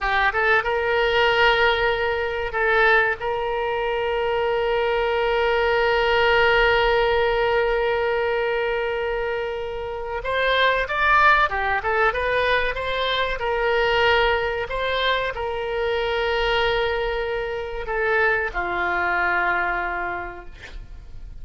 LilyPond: \new Staff \with { instrumentName = "oboe" } { \time 4/4 \tempo 4 = 94 g'8 a'8 ais'2. | a'4 ais'2.~ | ais'1~ | ais'1 |
c''4 d''4 g'8 a'8 b'4 | c''4 ais'2 c''4 | ais'1 | a'4 f'2. | }